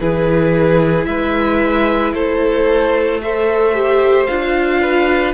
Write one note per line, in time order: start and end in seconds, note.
0.00 1.06 E3
0.00 3.23 E4
0.00 1.08 G#4
0.00 1.05 B4
1.05 2.14 G#3
1.05 2.14 B4
1.05 2.12 E5
2.14 4.28 A3
2.14 3.21 A4
2.14 3.21 C5
3.22 3.74 A4
3.22 4.81 C5
3.22 4.26 E5
3.74 4.28 G4
4.26 5.34 D4
4.26 5.34 F4
4.26 5.33 F5
4.81 5.34 B4